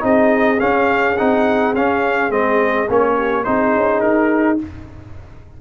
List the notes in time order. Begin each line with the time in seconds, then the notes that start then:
0.00 C4 D#4 G#4 D#5
0.60 C#4 F5
1.17 C4 D#4 F#5
1.74 C#4 F5
2.30 G#3 C4 D#5
2.89 A#3 C#4 C#5
3.16 G4
3.44 C4 D#4 G#4 C5
3.76 C#4
4.00 D#4 A#4